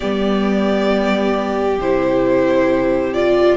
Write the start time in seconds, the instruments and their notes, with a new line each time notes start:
0.00 cello G3, viola B3, violin G4 D5
1.78 cello C3, viola E4, violin C5
3.13 viola F4, violin D5